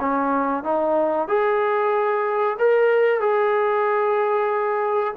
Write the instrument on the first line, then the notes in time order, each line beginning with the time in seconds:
trombone
0.00 C#4
0.64 D#4
1.28 G#4
2.59 A#4
3.20 G#4